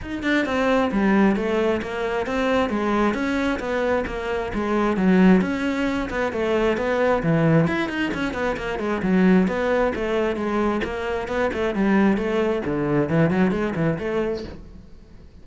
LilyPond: \new Staff \with { instrumentName = "cello" } { \time 4/4 \tempo 4 = 133 dis'8 d'8 c'4 g4 a4 | ais4 c'4 gis4 cis'4 | b4 ais4 gis4 fis4 | cis'4. b8 a4 b4 |
e4 e'8 dis'8 cis'8 b8 ais8 gis8 | fis4 b4 a4 gis4 | ais4 b8 a8 g4 a4 | d4 e8 fis8 gis8 e8 a4 | }